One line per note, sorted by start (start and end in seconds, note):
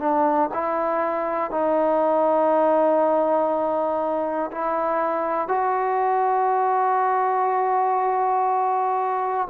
0.00 0.50 D4
0.54 1.51 E4
1.51 4.51 D#4
4.52 5.49 E4
5.49 9.49 F#4